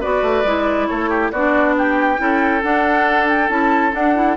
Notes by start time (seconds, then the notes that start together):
0.00 B3 F#4 B4 D5
0.22 A3
0.44 G#3 E4
0.87 A3 A4 C#5
1.10 G4
1.31 B3 D4 F#4 D5
1.77 G4 G5
2.17 C#4 E4 A4
2.63 D4 F#5
3.28 G5
3.49 C#4 E4 A5
3.91 D4 F#5
4.15 E4